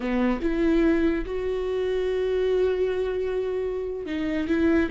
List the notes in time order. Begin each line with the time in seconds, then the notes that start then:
0.00 B3
0.41 E4
1.25 F#4
4.05 D#4
4.47 E4